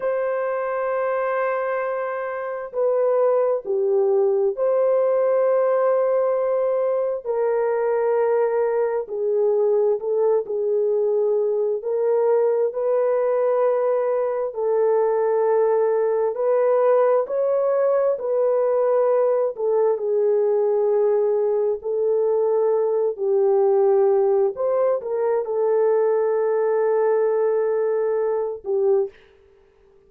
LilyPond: \new Staff \with { instrumentName = "horn" } { \time 4/4 \tempo 4 = 66 c''2. b'4 | g'4 c''2. | ais'2 gis'4 a'8 gis'8~ | gis'4 ais'4 b'2 |
a'2 b'4 cis''4 | b'4. a'8 gis'2 | a'4. g'4. c''8 ais'8 | a'2.~ a'8 g'8 | }